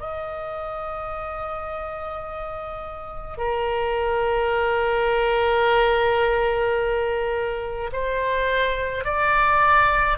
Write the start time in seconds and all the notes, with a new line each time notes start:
0.00 D#5
3.38 A#4
7.92 C5
9.05 D5